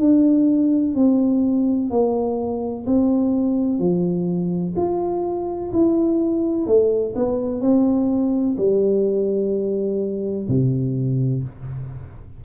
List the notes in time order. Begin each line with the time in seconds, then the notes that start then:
0.00 D4
0.95 C4
1.90 A#3
2.86 C4
3.79 F3
4.77 F4
5.73 E4
6.67 A3
7.16 B3
7.61 C4
8.58 G3
10.48 C3